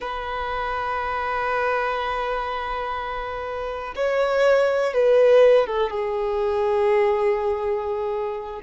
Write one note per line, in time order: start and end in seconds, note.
0.00 3.94 B4
3.95 4.93 C#5
4.93 5.66 B4
5.66 5.90 A4
5.90 8.61 G#4